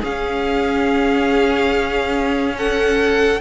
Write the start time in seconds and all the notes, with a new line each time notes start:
0.00 C#4 G#4 F5
0.07 C#4
2.57 A4 F#5